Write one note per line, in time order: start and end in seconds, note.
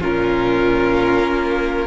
0.00 1.18 A#2
0.00 1.87 C#4
0.00 1.87 F4
0.00 1.87 A#4
1.18 1.86 A#3